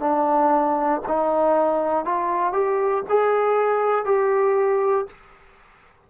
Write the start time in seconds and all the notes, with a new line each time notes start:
0.00 D4
1.08 D#4
2.05 F4
2.53 G4
3.09 G#4
4.05 G4